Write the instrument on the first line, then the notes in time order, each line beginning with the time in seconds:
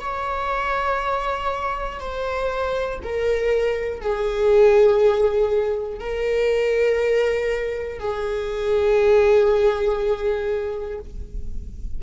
viola
0.00 C#5
1.99 C5
3.02 A#4
4.00 G#4
5.99 A#4
7.99 G#4